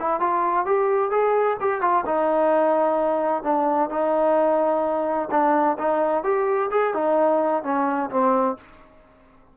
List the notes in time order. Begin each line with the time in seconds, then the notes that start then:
0.00 E4
0.21 F4
0.66 G4
1.11 G#4
1.61 G4
1.82 F4
2.06 D#4
3.44 D4
3.90 D#4
5.31 D4
5.79 D#4
6.24 G4
6.71 G#4
6.95 D#4
7.64 C#4
8.11 C4